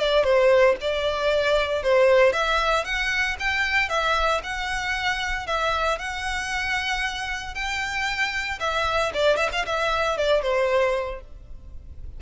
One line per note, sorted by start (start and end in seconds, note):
0.00 0.24 D5
0.24 0.76 C5
0.82 1.83 D5
1.83 2.33 C5
2.33 2.85 E5
2.85 3.37 F#5
3.40 3.90 G5
3.90 4.42 E5
4.44 5.47 F#5
5.47 5.99 E5
5.99 7.55 F#5
7.55 8.59 G5
8.60 9.13 E5
9.14 9.37 D5
9.37 9.50 E5
9.53 9.66 F5
9.66 10.18 E5
10.18 10.43 D5
10.43 11.21 C5